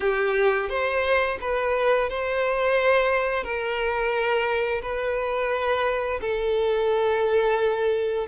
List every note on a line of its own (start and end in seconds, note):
0.00 0.69 G4
0.69 1.38 C5
1.40 2.09 B4
2.09 3.43 C5
3.43 4.81 A#4
4.82 6.19 B4
6.21 8.27 A4